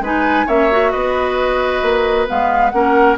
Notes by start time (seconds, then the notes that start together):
0.00 G#3 D#4 B4 G#5
0.46 A#3 C#4 C#5 E5
0.71 F#4
0.92 B3 B4 D#5
1.82 A#3
2.27 G#3 B3 F5
2.70 A#3 C#4 A#4 F#5